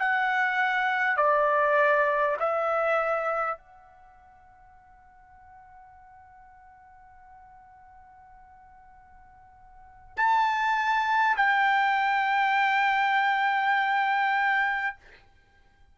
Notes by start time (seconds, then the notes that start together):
0.00 F#5
1.17 D5
2.40 E5
3.58 F#5
10.17 A5
11.37 G5